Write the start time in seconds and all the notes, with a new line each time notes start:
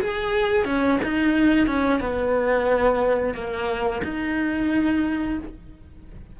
0.00 G#4
0.65 C#4
1.03 D#4
1.66 C#4
2.00 B3
3.34 A#3
4.03 D#4